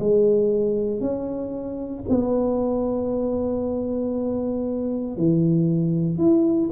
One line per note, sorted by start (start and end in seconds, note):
0.00 1.01 G#3
1.01 2.05 C#4
2.09 5.17 B3
5.17 6.19 E3
6.19 6.71 E4